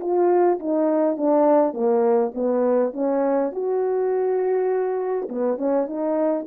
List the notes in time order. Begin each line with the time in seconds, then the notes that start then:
0.00 F4
0.59 D#4
1.17 D4
1.73 A#3
2.34 B3
2.93 C#4
3.52 F#4
5.29 B3
5.57 C#4
5.87 D#4